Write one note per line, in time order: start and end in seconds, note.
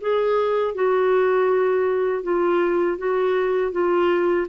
0.00 0.74 G#4
0.74 2.23 F#4
2.23 2.97 F4
2.97 3.72 F#4
3.72 4.47 F4